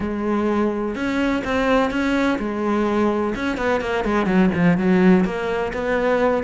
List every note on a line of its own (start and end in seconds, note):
0.00 0.95 G#3
0.95 1.42 C#4
1.44 1.90 C4
1.90 2.38 C#4
2.39 3.34 G#3
3.35 3.57 C#4
3.57 3.81 B3
3.81 4.04 A#3
4.04 4.26 G#3
4.26 4.50 F#3
4.54 4.77 F3
4.77 5.24 F#3
5.24 5.72 A#3
5.73 6.43 B3